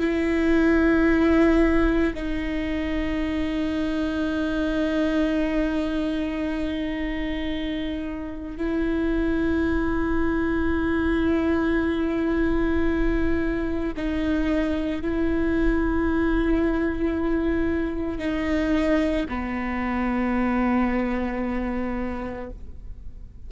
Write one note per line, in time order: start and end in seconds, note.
0.00 2.14 E4
2.15 8.58 D#4
8.58 13.93 E4
13.97 15.02 D#4
15.02 18.19 E4
18.19 19.26 D#4
19.29 22.50 B3